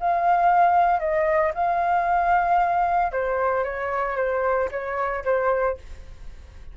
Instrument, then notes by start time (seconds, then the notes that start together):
flute
0.00 F5
1.00 D#5
1.55 F5
3.12 C5
3.64 C#5
4.17 C5
4.71 C#5
5.24 C5